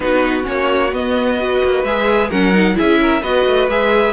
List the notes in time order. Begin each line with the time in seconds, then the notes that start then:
0.00 B3 D#4 F#4 B4
0.42 A#3 C#4 C#5
0.92 B3 D#5
1.39 F#4 B4
1.64 A#3
1.83 G#3 G#4 E5
2.29 F#3 C#4 A#4 F#5
2.52 D#4
2.73 E4 G#4 E5
2.80 C#4
3.01 A#4
3.21 B3 F#4 B4 D#5
3.45 A3
3.68 G#3 G#4 E5